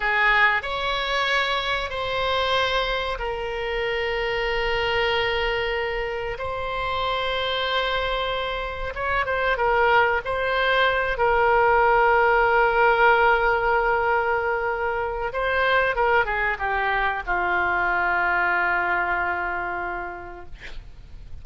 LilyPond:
\new Staff \with { instrumentName = "oboe" } { \time 4/4 \tempo 4 = 94 gis'4 cis''2 c''4~ | c''4 ais'2.~ | ais'2 c''2~ | c''2 cis''8 c''8 ais'4 |
c''4. ais'2~ ais'8~ | ais'1 | c''4 ais'8 gis'8 g'4 f'4~ | f'1 | }